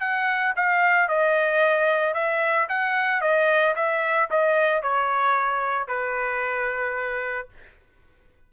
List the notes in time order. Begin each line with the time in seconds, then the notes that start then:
0.00 F#5
0.56 F5
1.08 D#5
2.14 E5
2.69 F#5
3.21 D#5
3.76 E5
4.30 D#5
4.82 C#5
5.88 B4